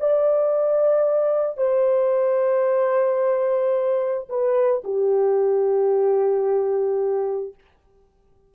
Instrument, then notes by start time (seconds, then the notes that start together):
horn
0.00 D5
1.57 C5
4.29 B4
4.84 G4